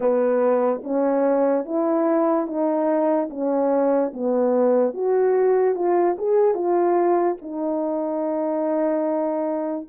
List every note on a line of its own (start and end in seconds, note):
0.00 0.81 B3
0.83 1.65 C#4
1.65 2.46 E4
2.46 3.28 D#4
3.30 4.12 C#4
4.13 4.94 B3
4.94 5.75 F#4
5.75 6.16 F4
6.18 6.54 G#4
6.54 7.36 F4
7.41 9.88 D#4